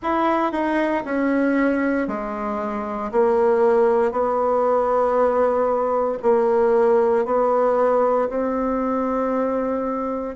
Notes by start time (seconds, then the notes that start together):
0.02 E4
0.52 D#4
1.04 C#4
2.07 G#3
3.11 A#3
4.11 B3
6.22 A#3
7.25 B3
8.29 C4